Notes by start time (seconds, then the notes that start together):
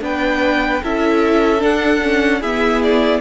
0.00 B3 D4 B4 G5
0.82 C#4 E4 A4 E5
1.59 D4 F#5
2.02 C#4
2.40 B3 E4 G#4 E5
2.82 D5